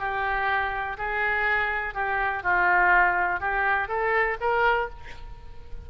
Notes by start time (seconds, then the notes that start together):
0.00 G4
0.98 G#4
1.95 G4
2.43 F4
3.41 G4
3.89 A4
4.41 A#4